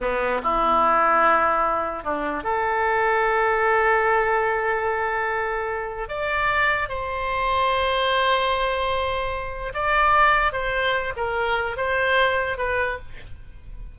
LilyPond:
\new Staff \with { instrumentName = "oboe" } { \time 4/4 \tempo 4 = 148 b4 e'2.~ | e'4 d'4 a'2~ | a'1~ | a'2. d''4~ |
d''4 c''2.~ | c''1 | d''2 c''4. ais'8~ | ais'4 c''2 b'4 | }